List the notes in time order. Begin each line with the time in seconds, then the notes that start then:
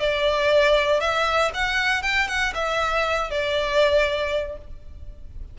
0.00 D5
1.01 E5
1.54 F#5
2.02 G5
2.28 F#5
2.55 E5
3.31 D5